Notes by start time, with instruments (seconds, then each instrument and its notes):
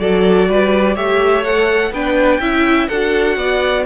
0.00 cello F#3, viola F#4, violin A4 D5
0.48 cello G3, violin B4
0.95 cello A3, viola G4, violin C#5 E5
1.45 viola A4, violin F#5
1.91 cello B3, viola D4, violin B4 G5
2.40 cello C#4, viola E4, violin E5
2.87 cello D4, viola F#4, violin A4 F#5
3.37 cello B3, violin D5